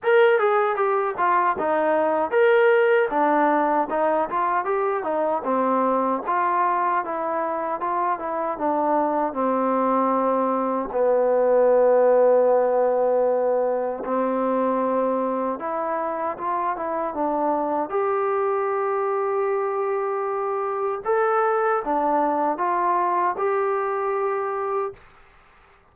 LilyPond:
\new Staff \with { instrumentName = "trombone" } { \time 4/4 \tempo 4 = 77 ais'8 gis'8 g'8 f'8 dis'4 ais'4 | d'4 dis'8 f'8 g'8 dis'8 c'4 | f'4 e'4 f'8 e'8 d'4 | c'2 b2~ |
b2 c'2 | e'4 f'8 e'8 d'4 g'4~ | g'2. a'4 | d'4 f'4 g'2 | }